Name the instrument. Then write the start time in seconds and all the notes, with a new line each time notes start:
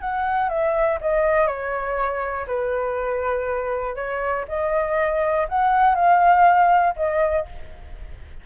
flute
0.00 F#5
0.48 E5
1.01 D#5
1.47 C#5
2.47 B4
3.95 C#5
4.48 D#5
5.48 F#5
5.95 F5
6.96 D#5